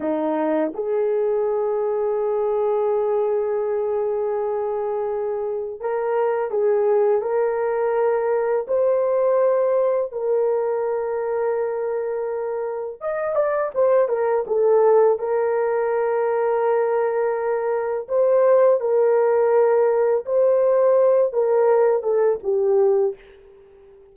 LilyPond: \new Staff \with { instrumentName = "horn" } { \time 4/4 \tempo 4 = 83 dis'4 gis'2.~ | gis'1 | ais'4 gis'4 ais'2 | c''2 ais'2~ |
ais'2 dis''8 d''8 c''8 ais'8 | a'4 ais'2.~ | ais'4 c''4 ais'2 | c''4. ais'4 a'8 g'4 | }